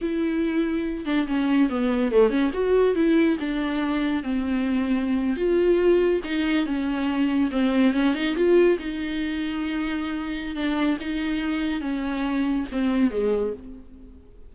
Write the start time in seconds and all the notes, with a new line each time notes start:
0.01 E4
1.05 D4
1.27 C#4
1.69 B3
2.11 A3
2.30 C#4
2.53 F#4
2.95 E4
3.39 D4
4.23 C4
5.36 F4
6.23 D#4
6.65 C#4
7.51 C4
7.93 C#4
8.14 D#4
8.35 F4
8.78 D#4
10.55 D4
11.00 D#4
11.80 C#4
12.71 C4
13.11 G#3